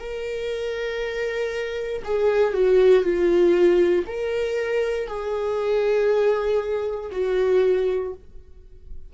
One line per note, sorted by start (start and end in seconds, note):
0.00 2.03 A#4
2.05 2.54 G#4
2.54 3.04 F#4
3.04 4.06 F4
4.07 5.08 A#4
5.08 7.11 G#4
7.12 8.14 F#4